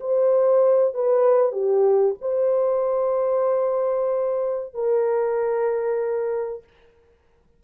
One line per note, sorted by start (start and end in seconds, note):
0.00 0.94 C5
0.94 1.52 B4
1.52 2.15 G4
2.21 4.74 C5
4.74 6.63 A#4